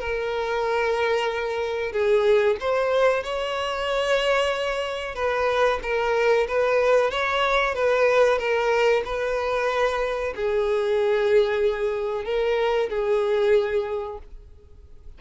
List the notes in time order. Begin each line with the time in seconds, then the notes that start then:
0.00 A#4
1.92 G#4
2.61 C5
3.24 C#5
5.15 B4
5.83 A#4
6.48 B4
7.11 C#5
7.75 B4
8.39 A#4
9.05 B4
10.36 G#4
12.25 A#4
12.89 G#4